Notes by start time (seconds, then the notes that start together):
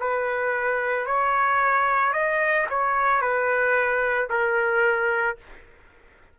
0.00 B4
1.06 C#5
2.13 D#5
2.69 C#5
3.21 B4
4.30 A#4